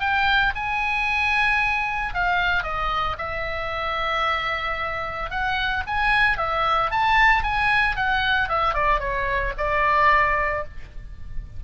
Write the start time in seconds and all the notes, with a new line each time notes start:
0.00 G5
0.55 G#5
2.14 F5
2.63 D#5
3.18 E5
5.30 F#5
5.86 G#5
6.37 E5
6.91 A5
7.43 G#5
7.96 F#5
8.49 E5
8.74 D5
9.00 C#5
9.58 D5